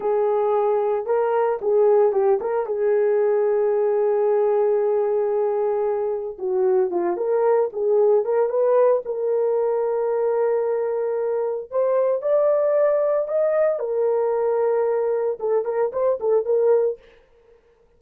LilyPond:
\new Staff \with { instrumentName = "horn" } { \time 4/4 \tempo 4 = 113 gis'2 ais'4 gis'4 | g'8 ais'8 gis'2.~ | gis'1 | fis'4 f'8 ais'4 gis'4 ais'8 |
b'4 ais'2.~ | ais'2 c''4 d''4~ | d''4 dis''4 ais'2~ | ais'4 a'8 ais'8 c''8 a'8 ais'4 | }